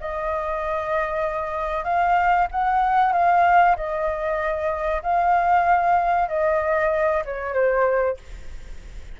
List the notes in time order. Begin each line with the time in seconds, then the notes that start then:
0.00 D#5
1.84 F5
2.51 F#5
3.13 F5
3.76 D#5
5.02 F5
6.28 D#5
7.25 C#5
7.53 C5